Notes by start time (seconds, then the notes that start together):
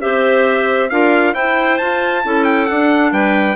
0.00 C4 G4 C5 E5
0.89 D4 F4 A#4 F5
1.33 E4 C5 G5
1.78 F4 A5
2.23 C#4 E4 A4
2.44 G5
2.66 D4 F#5
3.11 G3 B4 G5